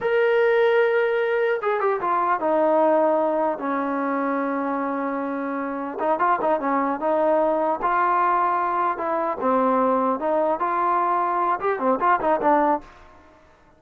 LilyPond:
\new Staff \with { instrumentName = "trombone" } { \time 4/4 \tempo 4 = 150 ais'1 | gis'8 g'8 f'4 dis'2~ | dis'4 cis'2.~ | cis'2. dis'8 f'8 |
dis'8 cis'4 dis'2 f'8~ | f'2~ f'8 e'4 c'8~ | c'4. dis'4 f'4.~ | f'4 g'8 c'8 f'8 dis'8 d'4 | }